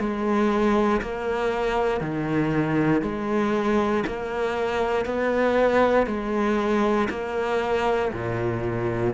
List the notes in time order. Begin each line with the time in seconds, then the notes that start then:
0.00 G#3
1.02 A#3
2.01 D#3
3.02 G#3
4.07 A#3
5.06 B3
6.07 G#3
7.10 A#3
8.13 A#2